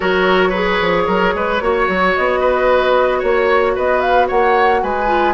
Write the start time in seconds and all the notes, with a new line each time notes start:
0.00 F#3 F#4 A#4 C#5
0.49 G#4 B4
0.80 F3
1.06 F#3 A#4
1.34 G#3 B4
1.60 A#3 F#4 C#5
1.88 F#3
2.14 B3 D#5
2.40 B4
3.18 A#3 C#5
3.75 B3 B4 D#5
4.00 F5
4.27 A#3 C#5 F#5
4.82 G#3 B4 G#5
5.07 F4